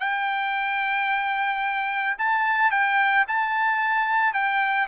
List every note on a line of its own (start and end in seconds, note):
0.00 2.16 G5
2.18 2.71 A5
2.71 3.25 G5
3.28 4.33 A5
4.33 4.87 G5